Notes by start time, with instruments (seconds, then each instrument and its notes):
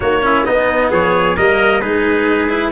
0.00 tuba A#3, cello D#4, trumpet F#4 C#5
0.21 cello C#4, trumpet E4
0.44 cello B3, tuba B3, trumpet D#4 D#5
0.91 tuba F3, trumpet G#4 C#5
1.36 tuba G3, cello A#3, trumpet A#4 D#5
1.80 tuba G#3, cello D#4, trumpet G#4 B4
2.48 cello E4